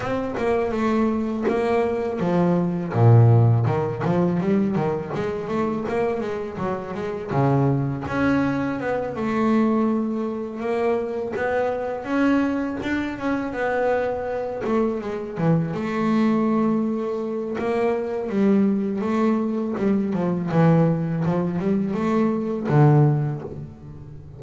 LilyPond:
\new Staff \with { instrumentName = "double bass" } { \time 4/4 \tempo 4 = 82 c'8 ais8 a4 ais4 f4 | ais,4 dis8 f8 g8 dis8 gis8 a8 | ais8 gis8 fis8 gis8 cis4 cis'4 | b8 a2 ais4 b8~ |
b8 cis'4 d'8 cis'8 b4. | a8 gis8 e8 a2~ a8 | ais4 g4 a4 g8 f8 | e4 f8 g8 a4 d4 | }